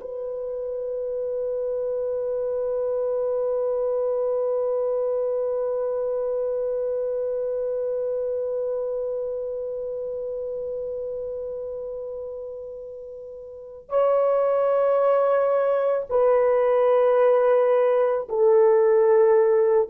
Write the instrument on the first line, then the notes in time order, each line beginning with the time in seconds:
horn
0.00 B4
13.89 C#5
16.09 B4
18.28 A4